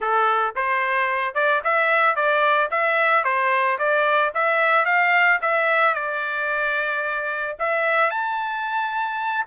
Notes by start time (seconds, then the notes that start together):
0.00 A4
0.55 C5
1.34 D5
1.64 E5
2.15 D5
2.70 E5
3.24 C5
3.78 D5
4.34 E5
4.85 F5
5.41 E5
5.94 D5
7.59 E5
8.10 A5